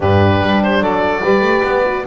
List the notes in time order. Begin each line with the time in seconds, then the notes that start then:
0.00 G2 D4 G4 B4
0.41 G3
0.62 C5
0.80 F#3 A4 D5
1.22 G3 G4 B4
1.40 A3
1.64 B3
1.85 F#4